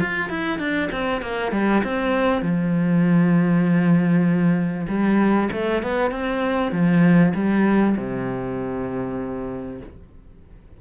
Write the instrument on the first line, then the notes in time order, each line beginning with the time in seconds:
cello
0.00 F4
0.29 E4
0.59 D4
0.92 C4
1.22 A#3
1.52 G3
1.84 C4
2.42 F3
4.88 G3
5.52 A3
5.83 B3
6.11 C4
6.72 F3
7.34 G3
7.97 C3